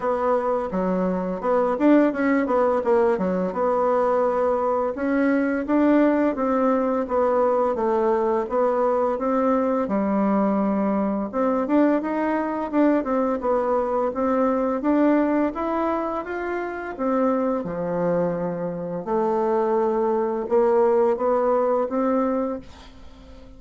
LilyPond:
\new Staff \with { instrumentName = "bassoon" } { \time 4/4 \tempo 4 = 85 b4 fis4 b8 d'8 cis'8 b8 | ais8 fis8 b2 cis'4 | d'4 c'4 b4 a4 | b4 c'4 g2 |
c'8 d'8 dis'4 d'8 c'8 b4 | c'4 d'4 e'4 f'4 | c'4 f2 a4~ | a4 ais4 b4 c'4 | }